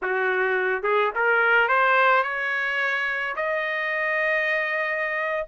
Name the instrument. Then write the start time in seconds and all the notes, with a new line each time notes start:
trumpet
0.02 F#4
0.83 G#4
1.15 A#4
1.68 C5
2.23 C#5
3.36 D#5